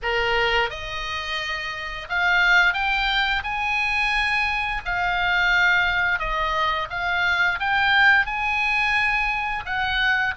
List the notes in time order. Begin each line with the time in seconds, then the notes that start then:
0.02 A#4
0.70 D#5
2.09 F5
2.73 G5
3.43 G#5
4.85 F5
6.19 D#5
6.90 F5
7.59 G5
8.26 G#5
9.65 F#5